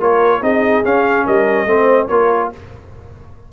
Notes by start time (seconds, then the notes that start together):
0.00 A#3 F4 A#4 C#5
0.42 C4 D#4 G#4 D#5
0.85 C#4 F5
1.26 G3 A#4 D#5
1.66 A3 C4 C5
2.08 A#3 F4 A#4 C#5